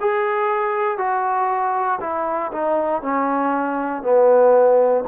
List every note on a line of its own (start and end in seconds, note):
0.00 0.98 G#4
0.98 2.00 F#4
2.01 2.51 E4
2.52 3.02 D#4
3.02 4.03 C#4
4.03 5.04 B3